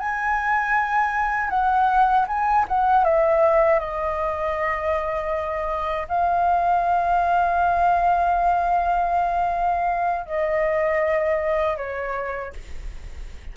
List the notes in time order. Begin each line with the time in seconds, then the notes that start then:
0.00 G#5
1.51 F#5
2.28 G#5
2.69 F#5
3.05 E5
3.80 D#5
6.09 F5
10.26 D#5
11.78 C#5